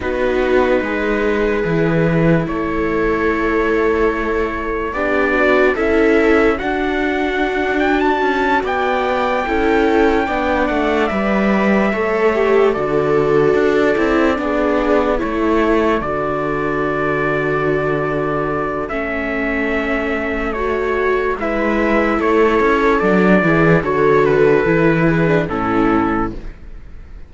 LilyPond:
<<
  \new Staff \with { instrumentName = "trumpet" } { \time 4/4 \tempo 4 = 73 b'2. cis''4~ | cis''2 d''4 e''4 | fis''4. g''16 a''8. g''4.~ | g''4 fis''8 e''2 d''8~ |
d''2~ d''8 cis''4 d''8~ | d''2. e''4~ | e''4 cis''4 e''4 cis''4 | d''4 cis''8 b'4. a'4 | }
  \new Staff \with { instrumentName = "viola" } { \time 4/4 fis'4 gis'2 a'4~ | a'2 g'8 fis'8 e'4 | d'2~ d'8 d''4 a'8~ | a'8 d''2 cis''4 a'8~ |
a'4. gis'4 a'4.~ | a'1~ | a'2 b'4 a'4~ | a'8 gis'8 a'4. gis'8 e'4 | }
  \new Staff \with { instrumentName = "viola" } { \time 4/4 dis'2 e'2~ | e'2 d'4 a'4 | fis'2.~ fis'8 e'8~ | e'8 d'4 b'4 a'8 g'8 fis'8~ |
fis'4 e'8 d'4 e'4 fis'8~ | fis'2. cis'4~ | cis'4 fis'4 e'2 | d'8 e'8 fis'4 e'8. d'16 cis'4 | }
  \new Staff \with { instrumentName = "cello" } { \time 4/4 b4 gis4 e4 a4~ | a2 b4 cis'4 | d'2 cis'8 b4 cis'8~ | cis'8 b8 a8 g4 a4 d8~ |
d8 d'8 c'8 b4 a4 d8~ | d2. a4~ | a2 gis4 a8 cis'8 | fis8 e8 d4 e4 a,4 | }
>>